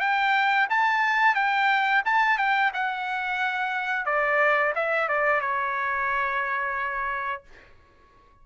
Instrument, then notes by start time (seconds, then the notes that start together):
trumpet
0.00 G5
0.69 A5
1.35 G5
2.05 A5
2.37 G5
2.73 F#5
4.05 D5
4.75 E5
5.08 D5
5.41 C#5